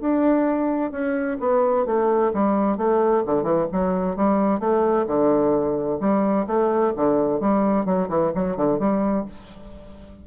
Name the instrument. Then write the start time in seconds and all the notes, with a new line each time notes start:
bassoon
0.00 D4
0.91 C#4
1.40 B3
1.86 A3
2.33 G3
2.77 A3
3.26 D3
3.43 E3
3.72 F#3
4.16 G3
4.60 A3
5.07 D3
6.00 G3
6.47 A3
6.96 D3
7.40 G3
7.85 F#3
8.09 E3
8.35 F#3
8.57 D3
8.79 G3